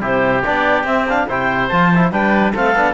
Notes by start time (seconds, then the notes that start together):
0.00 C3 E4 G4 C5
0.44 B3 D4 D5
0.83 C4 E5
1.08 D4 F5
1.28 C3 E4 C5 G5
1.68 F3 F4 A5
1.95 E4
2.11 G3 D4 B4 G5
2.52 A3 C4 A4 F5
2.75 B3 D4